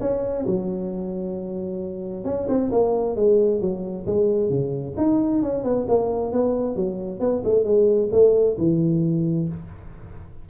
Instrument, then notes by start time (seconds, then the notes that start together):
tuba
0.00 C#4
0.46 F#3
2.25 C#4
2.48 C4
2.71 A#3
3.16 G#3
3.60 F#3
4.06 G#3
4.49 C#3
4.97 D#4
5.42 C#4
5.63 B3
5.88 A#3
6.32 B3
6.75 F#3
7.19 B3
7.44 A3
7.64 G#3
8.11 A3
8.58 E3